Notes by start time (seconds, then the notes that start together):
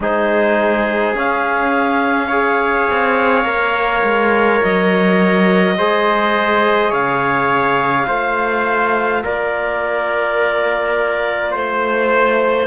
0.00 G#3 D#4 G#4 C5
1.14 C#4 F5
2.27 G#4 C#5
2.90 C4
3.44 A#3 A#4
4.03 G#3
4.62 F#3 D#5
5.78 G#3 G#4 C5
6.89 C#3 C#5 F5
8.06 A3 F4 C5
9.23 A#3 A#4 D5
11.51 A3 C5